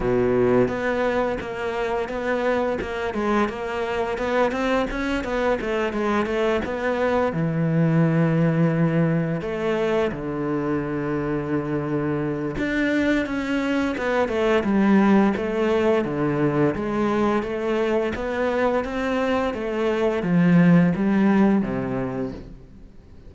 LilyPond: \new Staff \with { instrumentName = "cello" } { \time 4/4 \tempo 4 = 86 b,4 b4 ais4 b4 | ais8 gis8 ais4 b8 c'8 cis'8 b8 | a8 gis8 a8 b4 e4.~ | e4. a4 d4.~ |
d2 d'4 cis'4 | b8 a8 g4 a4 d4 | gis4 a4 b4 c'4 | a4 f4 g4 c4 | }